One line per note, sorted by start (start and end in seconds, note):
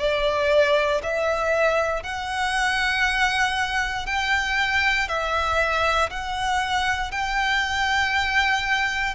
0.00 1.02 D5
1.04 2.03 E5
2.03 4.07 F#5
4.07 5.08 G5
5.08 6.10 E5
6.11 7.12 F#5
7.12 9.15 G5